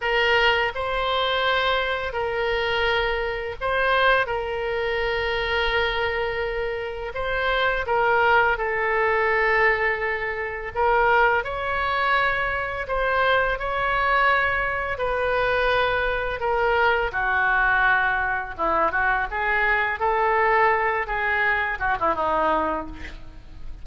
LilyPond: \new Staff \with { instrumentName = "oboe" } { \time 4/4 \tempo 4 = 84 ais'4 c''2 ais'4~ | ais'4 c''4 ais'2~ | ais'2 c''4 ais'4 | a'2. ais'4 |
cis''2 c''4 cis''4~ | cis''4 b'2 ais'4 | fis'2 e'8 fis'8 gis'4 | a'4. gis'4 fis'16 e'16 dis'4 | }